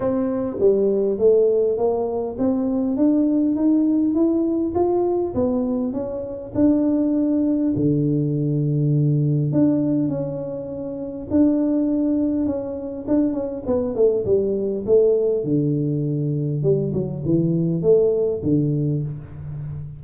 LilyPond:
\new Staff \with { instrumentName = "tuba" } { \time 4/4 \tempo 4 = 101 c'4 g4 a4 ais4 | c'4 d'4 dis'4 e'4 | f'4 b4 cis'4 d'4~ | d'4 d2. |
d'4 cis'2 d'4~ | d'4 cis'4 d'8 cis'8 b8 a8 | g4 a4 d2 | g8 fis8 e4 a4 d4 | }